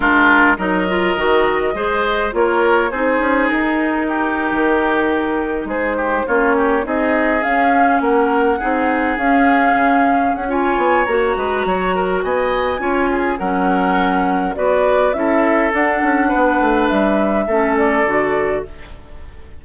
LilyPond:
<<
  \new Staff \with { instrumentName = "flute" } { \time 4/4 \tempo 4 = 103 ais'4 dis''2. | cis''4 c''4 ais'2~ | ais'4.~ ais'16 c''4 cis''4 dis''16~ | dis''8. f''4 fis''2 f''16~ |
f''4.~ f''16 fis''16 gis''4 ais''4~ | ais''4 gis''2 fis''4~ | fis''4 d''4 e''4 fis''4~ | fis''4 e''4. d''4. | }
  \new Staff \with { instrumentName = "oboe" } { \time 4/4 f'4 ais'2 c''4 | ais'4 gis'2 g'4~ | g'4.~ g'16 gis'8 g'8 f'8 g'8 gis'16~ | gis'4.~ gis'16 ais'4 gis'4~ gis'16~ |
gis'2 cis''4. b'8 | cis''8 ais'8 dis''4 cis''8 gis'8 ais'4~ | ais'4 b'4 a'2 | b'2 a'2 | }
  \new Staff \with { instrumentName = "clarinet" } { \time 4/4 d'4 dis'8 f'8 fis'4 gis'4 | f'4 dis'2.~ | dis'2~ dis'8. cis'4 dis'16~ | dis'8. cis'2 dis'4 cis'16~ |
cis'2 f'4 fis'4~ | fis'2 f'4 cis'4~ | cis'4 fis'4 e'4 d'4~ | d'2 cis'4 fis'4 | }
  \new Staff \with { instrumentName = "bassoon" } { \time 4/4 gis4 fis4 dis4 gis4 | ais4 c'8 cis'8 dis'4.~ dis'16 dis16~ | dis4.~ dis16 gis4 ais4 c'16~ | c'8. cis'4 ais4 c'4 cis'16~ |
cis'8. cis4 cis'8. b8 ais8 gis8 | fis4 b4 cis'4 fis4~ | fis4 b4 cis'4 d'8 cis'8 | b8 a8 g4 a4 d4 | }
>>